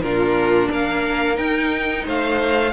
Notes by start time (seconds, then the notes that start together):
0.00 A#2 D4 F4 A#4
0.69 A#3 A#4 F5
1.35 D#4 G5
2.05 A3 C5 F5